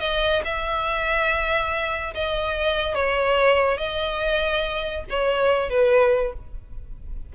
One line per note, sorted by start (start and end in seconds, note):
0.00 0.42 D#5
0.45 2.14 E5
2.14 2.95 D#5
2.95 3.77 C#5
3.77 5.04 D#5
5.10 5.70 C#5
5.70 6.33 B4